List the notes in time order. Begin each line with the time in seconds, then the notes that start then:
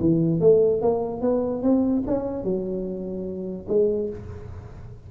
0.00 E3
0.40 A3
0.81 A#3
1.21 B3
1.62 C4
2.07 C#4
2.43 F#3
3.68 G#3